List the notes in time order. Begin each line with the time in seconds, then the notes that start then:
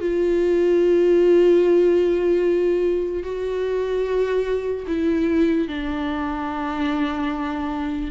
0.00 F4
3.23 F#4
4.87 E4
5.68 D4